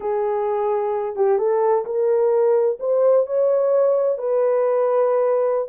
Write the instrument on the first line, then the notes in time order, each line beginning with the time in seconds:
horn
0.00 G#4
1.16 G4
1.38 A4
1.85 A#4
2.79 C5
3.26 C#5
4.18 B4